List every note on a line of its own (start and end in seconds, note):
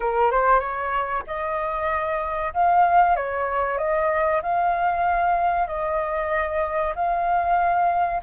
0.00 0.31 A#4
0.31 0.59 C5
0.59 1.22 C#5
1.26 2.53 D#5
2.53 3.16 F5
3.16 3.78 C#5
3.78 4.41 D#5
4.42 5.67 F5
5.67 6.93 D#5
6.95 8.21 F5